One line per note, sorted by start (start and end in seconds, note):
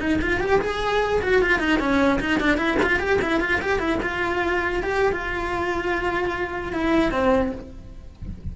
0.00 0.20 D#4
0.21 0.40 F4
0.40 0.60 G4
0.61 1.21 G#4
1.22 1.42 F#4
1.42 1.59 F4
1.59 1.79 D#4
1.80 2.20 C#4
2.20 2.40 D#4
2.40 2.58 D4
2.58 2.78 E4
2.83 2.99 F4
2.99 3.20 G4
3.22 3.40 E4
3.40 3.61 F4
3.61 3.79 G4
3.79 3.99 E4
4.02 4.83 F4
4.83 5.13 G4
5.13 6.73 F4
6.73 7.11 E4
7.11 7.52 C4